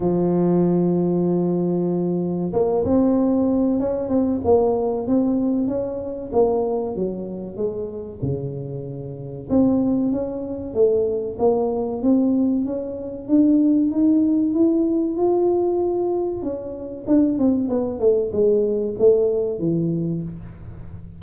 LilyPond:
\new Staff \with { instrumentName = "tuba" } { \time 4/4 \tempo 4 = 95 f1 | ais8 c'4. cis'8 c'8 ais4 | c'4 cis'4 ais4 fis4 | gis4 cis2 c'4 |
cis'4 a4 ais4 c'4 | cis'4 d'4 dis'4 e'4 | f'2 cis'4 d'8 c'8 | b8 a8 gis4 a4 e4 | }